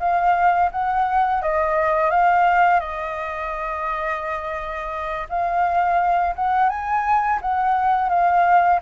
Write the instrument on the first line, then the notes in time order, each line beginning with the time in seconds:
flute
0.00 F5
0.72 F#5
1.42 D#5
2.10 F5
2.80 D#5
5.29 F5
6.36 F#5
6.69 G#5
7.42 F#5
8.10 F5